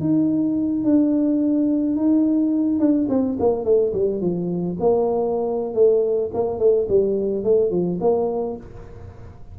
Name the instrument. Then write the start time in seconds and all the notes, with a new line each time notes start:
tuba
0.00 D#4
0.84 D4
1.96 D#4
2.79 D4
3.09 C4
3.39 A#3
3.64 A3
3.93 G3
4.21 F3
4.80 A#3
5.74 A3
6.34 A#3
6.59 A3
6.88 G3
7.44 A3
7.71 F3
8.00 A#3